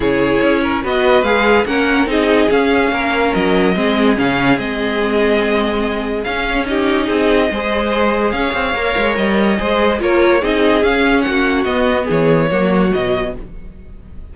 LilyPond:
<<
  \new Staff \with { instrumentName = "violin" } { \time 4/4 \tempo 4 = 144 cis''2 dis''4 f''4 | fis''4 dis''4 f''2 | dis''2 f''4 dis''4~ | dis''2. f''4 |
dis''1 | f''2 dis''2 | cis''4 dis''4 f''4 fis''4 | dis''4 cis''2 dis''4 | }
  \new Staff \with { instrumentName = "violin" } { \time 4/4 gis'4. ais'8 b'2 | ais'4 gis'2 ais'4~ | ais'4 gis'2.~ | gis'1 |
g'4 gis'4 c''2 | cis''2. c''4 | ais'4 gis'2 fis'4~ | fis'4 gis'4 fis'2 | }
  \new Staff \with { instrumentName = "viola" } { \time 4/4 e'2 fis'4 gis'4 | cis'4 dis'4 cis'2~ | cis'4 c'4 cis'4 c'4~ | c'2. cis'4 |
dis'2 gis'2~ | gis'4 ais'2 gis'4 | f'4 dis'4 cis'2 | b2 ais4 fis4 | }
  \new Staff \with { instrumentName = "cello" } { \time 4/4 cis4 cis'4 b4 gis4 | ais4 c'4 cis'4 ais4 | fis4 gis4 cis4 gis4~ | gis2. cis'4~ |
cis'4 c'4 gis2 | cis'8 c'8 ais8 gis8 g4 gis4 | ais4 c'4 cis'4 ais4 | b4 e4 fis4 b,4 | }
>>